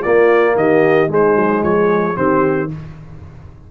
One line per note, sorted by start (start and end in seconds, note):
0.00 1.08 A#3
0.00 0.54 F4
0.00 0.56 D5
0.06 0.56 A#3
0.56 1.10 D#3
0.56 1.12 G4
0.56 1.11 D#5
1.08 2.15 G#3
1.08 1.36 G#3
1.08 1.66 D#4
1.14 1.64 C5
1.36 1.63 F#3
1.63 2.17 F3
1.63 2.17 G#4
1.63 2.17 C#5
2.15 2.71 D#3
2.15 2.69 C4
2.15 2.71 G4
2.15 2.71 C5